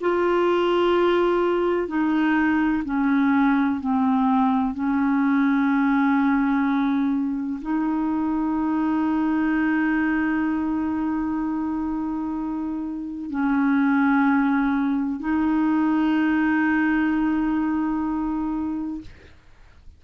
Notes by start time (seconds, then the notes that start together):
0.00 F4
1.87 D#4
2.84 C#4
3.80 C4
4.74 C#4
7.61 D#4
13.30 C#4
15.19 D#4